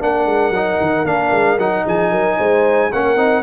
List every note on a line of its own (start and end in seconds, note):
0.00 0.26 A#3
0.00 0.53 D4
0.00 1.85 A#4
0.00 1.06 F#5
0.26 0.50 G#3
0.50 0.76 F#3
0.50 1.06 D#4
0.81 1.04 D#3
1.04 1.30 A#3
1.04 1.58 D4
1.04 1.59 F5
1.31 1.58 G#3
1.58 1.84 F#3
1.58 2.91 D#4
1.58 1.86 F#5
1.85 2.12 F3
1.85 2.11 G#4
1.85 2.92 G#5
2.11 2.38 F#3
2.11 2.37 A#4
2.37 2.91 G#3
2.37 2.90 C5
2.92 3.16 A#3
2.92 3.17 C#4
2.92 3.43 A#4
2.92 3.43 F#5
3.16 3.42 C4
3.16 3.43 D#4